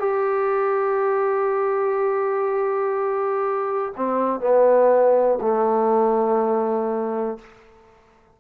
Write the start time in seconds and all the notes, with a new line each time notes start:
0.00 G4
3.97 C4
4.41 B3
5.42 A3